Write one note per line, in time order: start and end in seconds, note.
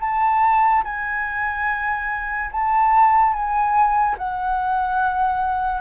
0.00 0.83 A5
0.84 2.50 G#5
2.51 3.33 A5
3.33 4.16 G#5
4.17 5.81 F#5